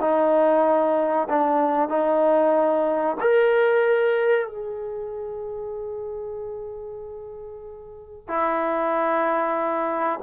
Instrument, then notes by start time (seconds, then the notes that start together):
trombone
0.00 D#4
1.29 D4
1.89 D#4
3.21 A#4
4.47 G#4
8.28 E4